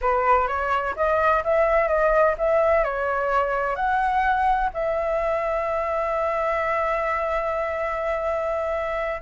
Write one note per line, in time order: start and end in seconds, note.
0.01 0.47 B4
0.47 0.94 C#5
0.96 1.43 D#5
1.43 1.88 E5
1.88 2.35 D#5
2.38 2.84 E5
2.84 3.75 C#5
3.75 4.70 F#5
4.73 9.21 E5